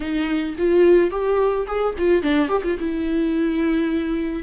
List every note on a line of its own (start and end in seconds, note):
0.00 0.56 D#4
0.57 1.10 F4
1.10 1.66 G4
1.66 1.94 G#4
1.97 2.22 F4
2.22 2.48 D4
2.48 2.62 G4
2.63 2.77 F4
2.79 4.43 E4